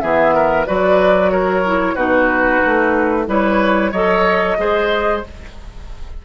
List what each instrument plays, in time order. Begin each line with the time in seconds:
0.00 bassoon E3, clarinet B3, oboe G#4, flute E5
0.35 oboe A#4
0.66 bassoon F#3, clarinet F#4, oboe B4, flute D5
1.31 oboe A#4, flute C#5
1.66 clarinet E4
1.95 bassoon B2, clarinet D#4, oboe F#4, flute B4
2.65 bassoon A3
3.27 bassoon G3, clarinet E4, oboe B4, flute C#5
3.91 bassoon F#3, clarinet A4, oboe C#5, flute D#5
4.58 bassoon G#3, clarinet G#4, oboe C5